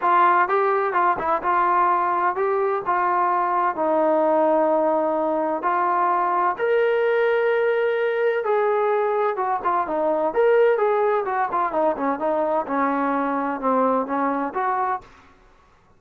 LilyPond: \new Staff \with { instrumentName = "trombone" } { \time 4/4 \tempo 4 = 128 f'4 g'4 f'8 e'8 f'4~ | f'4 g'4 f'2 | dis'1 | f'2 ais'2~ |
ais'2 gis'2 | fis'8 f'8 dis'4 ais'4 gis'4 | fis'8 f'8 dis'8 cis'8 dis'4 cis'4~ | cis'4 c'4 cis'4 fis'4 | }